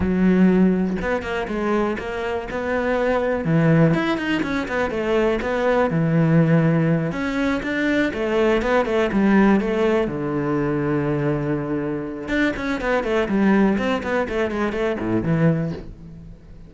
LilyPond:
\new Staff \with { instrumentName = "cello" } { \time 4/4 \tempo 4 = 122 fis2 b8 ais8 gis4 | ais4 b2 e4 | e'8 dis'8 cis'8 b8 a4 b4 | e2~ e8 cis'4 d'8~ |
d'8 a4 b8 a8 g4 a8~ | a8 d2.~ d8~ | d4 d'8 cis'8 b8 a8 g4 | c'8 b8 a8 gis8 a8 a,8 e4 | }